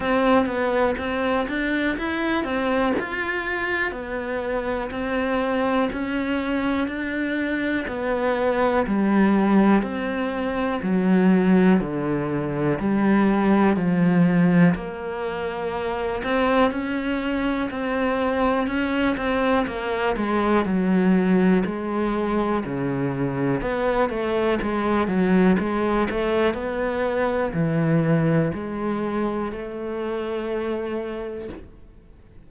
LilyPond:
\new Staff \with { instrumentName = "cello" } { \time 4/4 \tempo 4 = 61 c'8 b8 c'8 d'8 e'8 c'8 f'4 | b4 c'4 cis'4 d'4 | b4 g4 c'4 fis4 | d4 g4 f4 ais4~ |
ais8 c'8 cis'4 c'4 cis'8 c'8 | ais8 gis8 fis4 gis4 cis4 | b8 a8 gis8 fis8 gis8 a8 b4 | e4 gis4 a2 | }